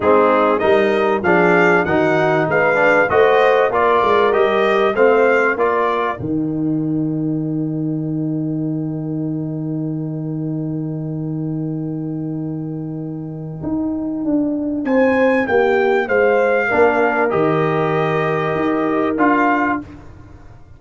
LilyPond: <<
  \new Staff \with { instrumentName = "trumpet" } { \time 4/4 \tempo 4 = 97 gis'4 dis''4 f''4 fis''4 | f''4 dis''4 d''4 dis''4 | f''4 d''4 g''2~ | g''1~ |
g''1~ | g''1 | gis''4 g''4 f''2 | dis''2. f''4 | }
  \new Staff \with { instrumentName = "horn" } { \time 4/4 dis'4 ais'4 gis'4 fis'4 | b'4 c''4 ais'2 | c''4 ais'2.~ | ais'1~ |
ais'1~ | ais'1 | c''4 g'4 c''4 ais'4~ | ais'1 | }
  \new Staff \with { instrumentName = "trombone" } { \time 4/4 c'4 dis'4 d'4 dis'4~ | dis'8 d'8 fis'4 f'4 g'4 | c'4 f'4 dis'2~ | dis'1~ |
dis'1~ | dis'1~ | dis'2. d'4 | g'2. f'4 | }
  \new Staff \with { instrumentName = "tuba" } { \time 4/4 gis4 g4 f4 dis4 | gis4 a4 ais8 gis8 g4 | a4 ais4 dis2~ | dis1~ |
dis1~ | dis2 dis'4 d'4 | c'4 ais4 gis4 ais4 | dis2 dis'4 d'4 | }
>>